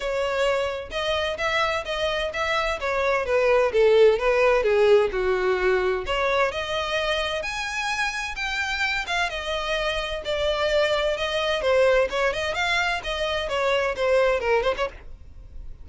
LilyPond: \new Staff \with { instrumentName = "violin" } { \time 4/4 \tempo 4 = 129 cis''2 dis''4 e''4 | dis''4 e''4 cis''4 b'4 | a'4 b'4 gis'4 fis'4~ | fis'4 cis''4 dis''2 |
gis''2 g''4. f''8 | dis''2 d''2 | dis''4 c''4 cis''8 dis''8 f''4 | dis''4 cis''4 c''4 ais'8 c''16 cis''16 | }